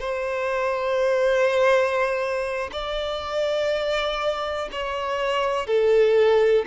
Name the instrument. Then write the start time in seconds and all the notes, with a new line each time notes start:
violin
0.00 C5
2.72 D5
4.72 C#5
5.66 A4